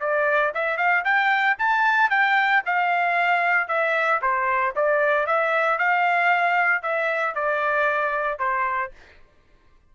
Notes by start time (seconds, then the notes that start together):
0.00 D5
0.55 E5
0.78 F5
1.05 G5
1.58 A5
2.10 G5
2.66 F5
3.68 E5
4.22 C5
4.76 D5
5.26 E5
5.79 F5
6.82 E5
7.35 D5
8.39 C5